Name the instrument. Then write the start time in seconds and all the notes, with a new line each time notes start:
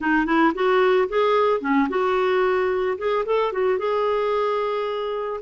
clarinet
0.00 D#4
0.26 E4
0.54 F#4
1.08 G#4
1.60 C#4
1.89 F#4
2.98 G#4
3.25 A4
3.52 F#4
3.78 G#4